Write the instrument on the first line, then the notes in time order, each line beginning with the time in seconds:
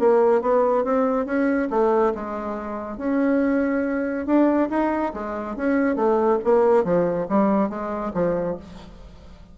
bassoon
0.00 A#3
0.42 B3
0.85 C4
1.26 C#4
1.70 A3
2.15 G#3
2.98 C#4
4.26 D4
4.70 D#4
5.14 G#3
5.56 C#4
5.96 A3
6.45 A#3
6.84 F3
7.29 G3
7.69 G#3
8.14 F3